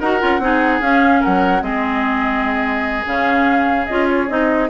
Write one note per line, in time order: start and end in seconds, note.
0.00 0.21 D#4
0.00 0.20 F#4
0.00 0.41 A#4
0.00 0.82 F#5
0.20 0.39 C#4
0.20 0.40 F4
0.39 0.80 C4
0.39 0.82 D#4
0.39 1.21 G#4
0.81 1.22 C#4
0.81 1.61 C#4
0.81 1.22 F5
1.21 1.62 F#3
1.21 1.62 A#4
1.21 1.63 F#5
1.61 3.05 G#3
1.61 3.04 C4
1.61 4.70 G#4
1.61 3.06 D#5
3.06 3.88 C#3
3.06 3.88 C#4
3.06 3.86 F5
3.86 4.30 C#4
3.86 4.29 F4
3.86 4.07 D#5
4.09 4.29 C#5
4.29 4.70 C4
4.29 4.70 D#4
4.29 4.70 D#5